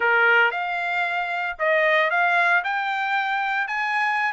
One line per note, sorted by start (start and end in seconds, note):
0.00 0.51 A#4
0.51 1.56 F5
1.58 2.10 D#5
2.10 2.63 F5
2.64 3.67 G5
3.67 4.32 G#5